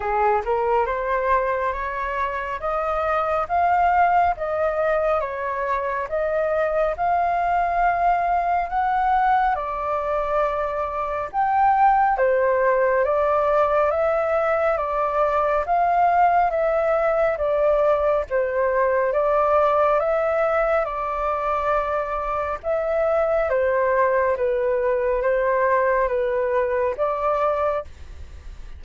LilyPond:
\new Staff \with { instrumentName = "flute" } { \time 4/4 \tempo 4 = 69 gis'8 ais'8 c''4 cis''4 dis''4 | f''4 dis''4 cis''4 dis''4 | f''2 fis''4 d''4~ | d''4 g''4 c''4 d''4 |
e''4 d''4 f''4 e''4 | d''4 c''4 d''4 e''4 | d''2 e''4 c''4 | b'4 c''4 b'4 d''4 | }